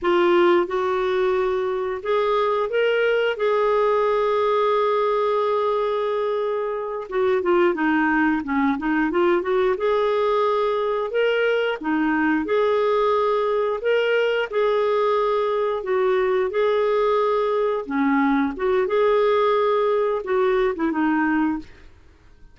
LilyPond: \new Staff \with { instrumentName = "clarinet" } { \time 4/4 \tempo 4 = 89 f'4 fis'2 gis'4 | ais'4 gis'2.~ | gis'2~ gis'8 fis'8 f'8 dis'8~ | dis'8 cis'8 dis'8 f'8 fis'8 gis'4.~ |
gis'8 ais'4 dis'4 gis'4.~ | gis'8 ais'4 gis'2 fis'8~ | fis'8 gis'2 cis'4 fis'8 | gis'2 fis'8. e'16 dis'4 | }